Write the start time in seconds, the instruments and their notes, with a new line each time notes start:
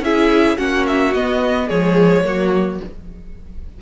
0.00 cello C#4, viola E4, violin G#4 E5
0.57 cello A#3, viola C#4, violin F#4 F#5
0.87 violin E5
1.14 cello B3, viola B3, violin D#5
1.66 cello F3, viola G#3, violin G#4 C#5
2.23 cello F#3, viola A#3, violin F#4